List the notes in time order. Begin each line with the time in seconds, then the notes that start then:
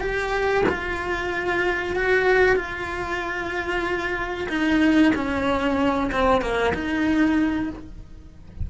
0.00 G4
0.69 F4
1.96 F#4
2.56 F4
4.49 D#4
5.15 C#4
6.12 C4
6.41 A#3
6.74 D#4